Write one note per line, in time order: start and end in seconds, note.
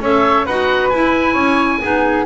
0.00 0.45 C#4
0.00 0.47 A4
0.00 0.45 C#5
0.00 0.46 E5
0.45 0.92 D#4
0.45 0.93 F#4
0.45 1.33 B4
0.45 0.89 F#5
0.89 1.35 E4
0.89 1.82 E4
0.89 2.24 G#5
1.33 1.80 C#4
1.33 1.78 C#5
1.81 2.26 B3
1.81 2.26 D#4
1.81 2.26 G#4